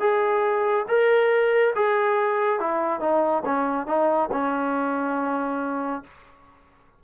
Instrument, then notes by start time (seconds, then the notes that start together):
trombone
0.00 G#4
0.88 A#4
1.76 G#4
2.60 E4
3.00 D#4
3.45 C#4
3.87 D#4
4.32 C#4